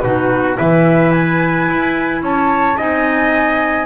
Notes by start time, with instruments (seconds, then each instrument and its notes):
0.00 double bass B2, clarinet D#4, trumpet F#4, flute B4
0.55 double bass E3, clarinet E4, trumpet B4, flute E5
1.11 flute G#5
1.69 double bass E4
2.22 double bass C#4, trumpet C#5, flute A5
2.77 double bass C4, clarinet D#4, trumpet D#5, flute G#5